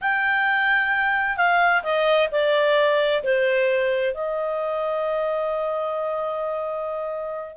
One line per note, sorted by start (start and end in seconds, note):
0.01 1.37 G5
1.37 1.82 F5
1.83 2.28 D#5
2.31 3.23 D5
3.23 4.14 C5
4.14 7.56 D#5